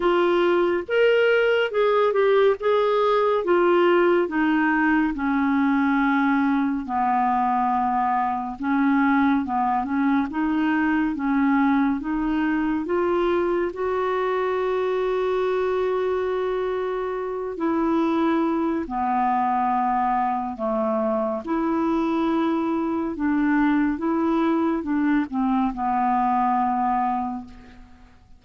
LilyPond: \new Staff \with { instrumentName = "clarinet" } { \time 4/4 \tempo 4 = 70 f'4 ais'4 gis'8 g'8 gis'4 | f'4 dis'4 cis'2 | b2 cis'4 b8 cis'8 | dis'4 cis'4 dis'4 f'4 |
fis'1~ | fis'8 e'4. b2 | a4 e'2 d'4 | e'4 d'8 c'8 b2 | }